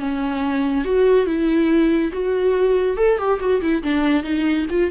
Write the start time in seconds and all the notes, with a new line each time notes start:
0.00 C#4
0.85 F#4
1.27 E4
2.13 F#4
2.97 A4
3.19 G4
3.40 F#4
3.62 E4
3.83 D4
4.24 D#4
4.70 F4